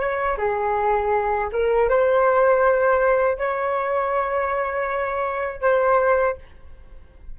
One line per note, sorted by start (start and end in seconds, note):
0.00 0.38 C#5
0.38 1.50 G#4
1.52 1.90 A#4
1.90 3.38 C5
3.38 5.61 C#5
5.61 6.36 C5